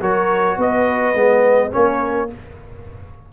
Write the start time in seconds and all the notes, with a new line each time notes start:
0.00 F#3 F#4 A#4 C#5
0.57 B3 B4 D#5
1.14 G#3 B3
1.71 A#3 C#4 A#4 C#5